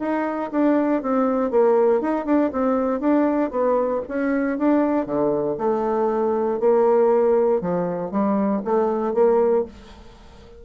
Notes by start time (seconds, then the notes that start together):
0.00 D#4
0.52 D4
1.02 C4
1.51 A#3
2.02 D#4
2.26 D4
2.53 C4
3.00 D4
3.51 B3
4.09 C#4
4.59 D4
5.06 D3
5.58 A3
6.60 A#3
7.61 F3
8.11 G3
8.65 A3
9.14 A#3